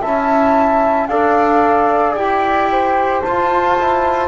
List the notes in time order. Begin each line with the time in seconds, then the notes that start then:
0.00 C#4 E4 E5 A5
1.06 D4 A4 D5 F5
2.14 E4 G4 G5
2.71 C5
3.21 F4 A5
3.78 E4